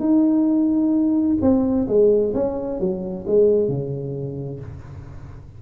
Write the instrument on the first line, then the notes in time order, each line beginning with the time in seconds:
tuba
0.00 D#4
1.42 C4
1.88 G#3
2.34 C#4
2.80 F#3
3.27 G#3
3.68 C#3